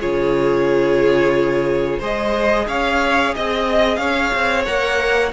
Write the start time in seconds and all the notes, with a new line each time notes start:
0.00 C#3 F4 G#4 C#5
1.99 G#3 G#4 C5 D#5
2.68 C#4 C#5 F5
3.35 C4 D#5
3.96 C#4 C#5 F5
4.34 C4
4.66 A#3 A#4 F#5